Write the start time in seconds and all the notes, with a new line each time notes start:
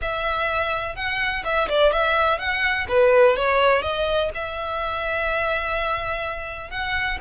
0.01 E5
0.95 F#5
1.44 E5
1.68 D5
1.92 E5
2.39 F#5
2.88 B4
3.36 C#5
3.82 D#5
4.34 E5
6.70 F#5